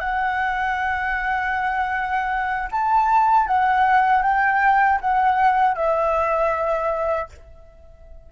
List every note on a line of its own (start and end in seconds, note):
0.00 2.69 F#5
2.72 3.47 A5
3.47 4.23 F#5
4.23 5.00 G5
5.01 5.75 F#5
5.75 7.29 E5